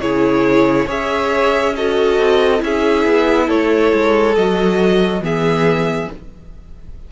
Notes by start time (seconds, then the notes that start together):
0.00 C#3 E4 G#4 C#5
0.86 C#4 G#4 C#5 E5
1.76 F#4 A4 D#5
2.18 C4
2.59 C#4 E4 E5
2.65 G#4
3.06 B3
3.47 A3 A4 C#5
3.93 G#3
4.36 F#3 F#4 D#5
5.21 E3 B3 G#4 E5